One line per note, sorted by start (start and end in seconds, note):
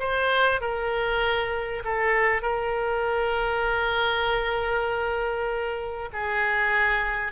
0.00 0.61 C5
0.61 1.84 A#4
1.85 2.42 A4
2.42 6.10 A#4
6.13 7.33 G#4